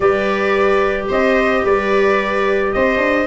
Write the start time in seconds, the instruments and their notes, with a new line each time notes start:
0.00 tuba G3, clarinet G4, viola B4, trumpet D5
1.08 tuba C4, viola C5, trumpet D#5
1.64 tuba G3, viola B4, trumpet D5
2.72 tuba C4, viola C5, trumpet D#5
2.97 tuba D4